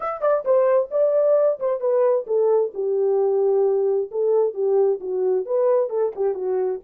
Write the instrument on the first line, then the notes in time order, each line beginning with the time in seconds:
horn
0.00 E5
0.21 D5
0.44 C5
0.90 D5
1.59 C5
1.80 B4
2.26 A4
2.74 G4
4.11 A4
4.54 G4
5.00 F#4
5.45 B4
5.89 A4
6.15 G4
6.34 F#4